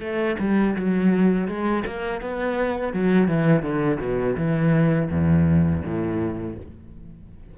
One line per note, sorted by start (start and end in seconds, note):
0.00 0.36 A3
0.39 0.75 G3
0.76 1.48 F#3
1.48 1.84 G#3
1.86 2.21 A#3
2.21 2.93 B3
2.93 3.28 F#3
3.28 3.62 E3
3.62 3.98 D3
4.00 4.36 B2
4.37 5.09 E3
5.10 5.83 E2
5.85 6.57 A2